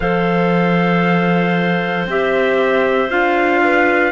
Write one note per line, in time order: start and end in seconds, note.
0.00 2.04 F3
0.00 2.08 A4
0.00 3.62 C5
0.00 2.06 F5
2.06 3.09 C4
2.06 3.09 G4
2.06 3.10 E5
3.09 4.11 D4
3.09 4.11 F4
3.09 4.11 F5
3.63 4.11 B4